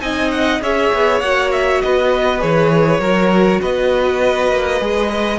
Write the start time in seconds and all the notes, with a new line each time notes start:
0.00 C4 D#4 D#5 G#5
0.31 F#5
0.61 C#4 G#4 C#5 E5
0.93 B3
1.20 A#3 F#4 F#5
1.52 E5
1.81 B3 B4 D#5
2.39 E3 G#4 C#5
2.99 F#3 F#4 A#4
3.61 B3 B4 D#5
4.51 A#3
4.80 G#3 G#4
5.09 B4 D#5